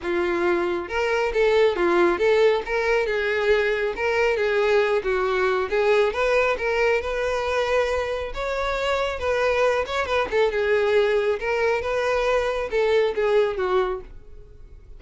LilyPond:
\new Staff \with { instrumentName = "violin" } { \time 4/4 \tempo 4 = 137 f'2 ais'4 a'4 | f'4 a'4 ais'4 gis'4~ | gis'4 ais'4 gis'4. fis'8~ | fis'4 gis'4 b'4 ais'4 |
b'2. cis''4~ | cis''4 b'4. cis''8 b'8 a'8 | gis'2 ais'4 b'4~ | b'4 a'4 gis'4 fis'4 | }